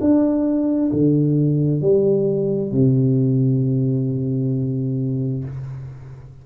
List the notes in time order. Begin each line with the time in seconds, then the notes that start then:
0.00 D4
0.92 D3
1.81 G3
2.71 C3